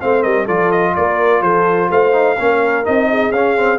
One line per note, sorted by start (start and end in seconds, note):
0.00 0.25 A3
0.00 0.47 C4
0.00 0.22 C5
0.00 0.22 F5
0.22 0.48 G3
0.22 0.45 A#4
0.22 0.46 D#5
0.45 0.96 F3
0.45 2.12 F4
0.45 0.92 A4
0.45 0.71 D5
0.71 0.95 D#5
0.95 1.42 A#3
0.95 1.43 A#4
0.95 1.42 D5
1.42 1.89 F3
1.42 1.89 A4
1.42 1.90 C5
1.89 2.38 A3
1.89 2.37 C5
1.89 2.85 F5
2.12 2.36 D#4
2.37 2.86 A#3
2.37 2.84 C#4
2.37 3.09 A#4
2.84 3.30 C4
2.84 3.32 D#4
2.84 3.32 D#5
3.10 3.79 G#4
3.30 3.78 C#4
3.30 3.56 C#4
3.30 3.79 F5
3.56 3.79 C4